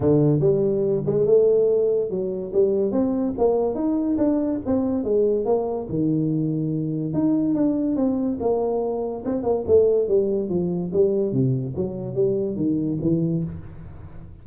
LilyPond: \new Staff \with { instrumentName = "tuba" } { \time 4/4 \tempo 4 = 143 d4 g4. gis8 a4~ | a4 fis4 g4 c'4 | ais4 dis'4 d'4 c'4 | gis4 ais4 dis2~ |
dis4 dis'4 d'4 c'4 | ais2 c'8 ais8 a4 | g4 f4 g4 c4 | fis4 g4 dis4 e4 | }